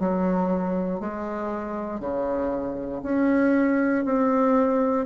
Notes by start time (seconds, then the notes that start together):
0.00 F#3
1.00 G#3
2.00 C#3
3.03 C#4
4.05 C4